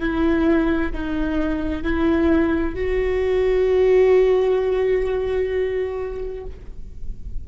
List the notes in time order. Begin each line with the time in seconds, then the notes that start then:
0.00 E4
0.93 D#4
1.83 E4
2.75 F#4